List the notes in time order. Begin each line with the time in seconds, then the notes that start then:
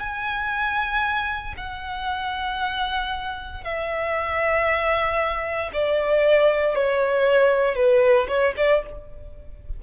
0.00 G#5
1.58 F#5
3.64 E5
5.74 D5
6.75 C#5
7.76 B4
8.29 C#5
8.57 D5